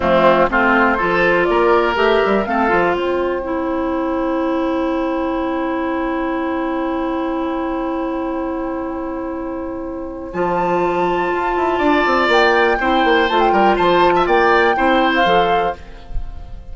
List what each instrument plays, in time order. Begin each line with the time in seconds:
0.00 bassoon F3, clarinet A3, oboe C4, flute F4
0.49 bassoon A3, clarinet C4, oboe F4, flute C5
0.97 bassoon F3, clarinet F4, oboe A4
1.44 bassoon A#3, oboe A#4, flute D5
1.94 bassoon A3, clarinet G4, flute E5
2.25 bassoon G3
2.45 bassoon A3, clarinet C4, oboe A4, flute F5
2.68 bassoon F3, clarinet F4
2.94 bassoon C4, oboe C5, flute G5
3.43 clarinet E4
10.32 bassoon F3, clarinet F4, flute A5
11.34 bassoon F4
11.56 bassoon E4
11.78 bassoon D4, oboe D5
12.05 bassoon C4
12.27 bassoon A#3, flute G5
12.79 bassoon C4, clarinet E4, oboe C5
13.04 bassoon A#3
13.28 bassoon A3, clarinet F4, flute A5
13.39 flute G5
13.52 bassoon G3, oboe A#4
13.76 bassoon F3, oboe C5, flute A5
14.15 oboe E5
14.26 bassoon A#3, oboe D5, flute G5
14.75 bassoon C4, clarinet E4, oboe C5
15.14 flute F5
15.24 bassoon F3, clarinet A4